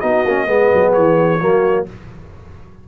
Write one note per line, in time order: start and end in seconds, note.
0.00 0.25 B3
0.00 0.25 D#4
0.00 0.47 F#4
0.00 0.92 D#5
0.25 0.47 A#3
0.25 0.47 C#4
0.47 0.70 G#3
0.47 1.39 B3
0.47 1.41 G#4
0.74 0.97 F#3
0.93 1.42 E3
0.93 1.85 C#5
1.40 1.88 F#3
1.40 1.86 A#3
1.40 1.87 F#4